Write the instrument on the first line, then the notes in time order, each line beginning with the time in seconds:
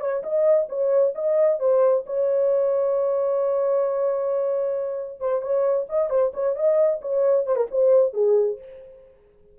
horn
0.00 C#5
0.23 D#5
0.69 C#5
1.15 D#5
1.60 C5
2.06 C#5
5.20 C5
5.42 C#5
5.89 D#5
6.10 C5
6.34 C#5
6.56 D#5
7.01 C#5
7.46 C5
7.56 A#4
7.71 C5
8.13 G#4